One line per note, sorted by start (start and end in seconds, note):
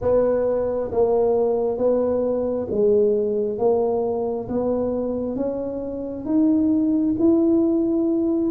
0.01 0.90 B3
0.91 1.77 A#3
1.77 2.67 B3
2.70 3.58 G#3
3.58 4.48 A#3
4.48 5.36 B3
5.36 6.25 C#4
6.25 7.14 D#4
7.19 8.51 E4